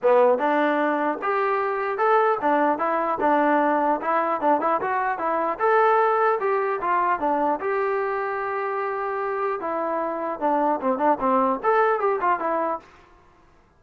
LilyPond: \new Staff \with { instrumentName = "trombone" } { \time 4/4 \tempo 4 = 150 b4 d'2 g'4~ | g'4 a'4 d'4 e'4 | d'2 e'4 d'8 e'8 | fis'4 e'4 a'2 |
g'4 f'4 d'4 g'4~ | g'1 | e'2 d'4 c'8 d'8 | c'4 a'4 g'8 f'8 e'4 | }